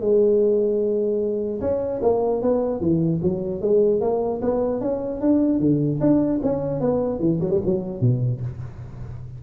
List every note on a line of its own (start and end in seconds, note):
0.00 1.60 G#3
1.60 2.00 C#4
2.01 2.41 A#3
2.41 2.80 B3
2.80 3.20 E3
3.22 3.61 F#3
3.61 4.01 G#3
4.01 4.41 A#3
4.41 4.80 B3
4.80 5.20 C#4
5.20 5.59 D4
5.59 5.99 D3
6.00 6.40 D4
6.42 6.80 C#4
6.80 7.19 B3
7.19 7.39 E3
7.40 7.50 F#3
7.50 7.60 G3
7.65 8.00 F#3
8.00 8.40 B2